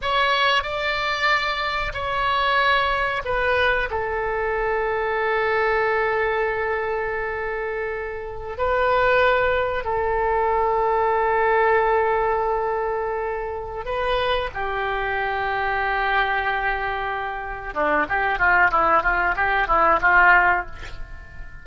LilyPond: \new Staff \with { instrumentName = "oboe" } { \time 4/4 \tempo 4 = 93 cis''4 d''2 cis''4~ | cis''4 b'4 a'2~ | a'1~ | a'4~ a'16 b'2 a'8.~ |
a'1~ | a'4. b'4 g'4.~ | g'2.~ g'8 d'8 | g'8 f'8 e'8 f'8 g'8 e'8 f'4 | }